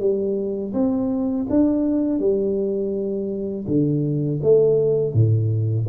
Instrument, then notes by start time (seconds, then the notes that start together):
tuba
0.00 G3
0.74 C4
1.50 D4
2.20 G3
3.67 D3
4.42 A3
5.14 A2